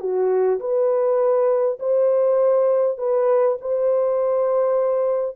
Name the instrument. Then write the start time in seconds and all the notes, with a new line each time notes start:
horn
0.00 F#4
0.60 B4
1.79 C5
2.98 B4
3.61 C5